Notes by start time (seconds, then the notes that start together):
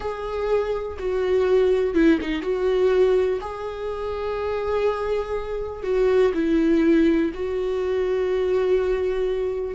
0.00 G#4
0.99 F#4
1.94 E4
2.21 D#4
2.41 F#4
3.41 G#4
5.83 F#4
6.34 E4
7.33 F#4